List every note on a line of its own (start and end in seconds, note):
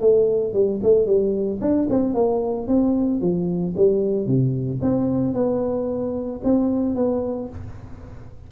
0.00 0.53 A3
0.53 0.80 G3
0.83 1.06 A3
1.06 1.59 G3
1.61 1.87 D4
1.89 2.14 C4
2.14 2.67 A#3
2.67 3.21 C4
3.21 3.75 F3
3.76 4.26 G3
4.26 4.80 C3
4.82 5.34 C4
5.34 6.41 B3
6.44 6.95 C4
6.95 7.49 B3